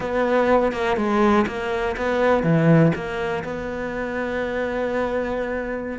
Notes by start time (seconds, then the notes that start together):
0.00 B3
0.72 A#3
0.96 G#3
1.47 A#3
1.96 B3
2.43 E3
2.95 A#3
3.43 B3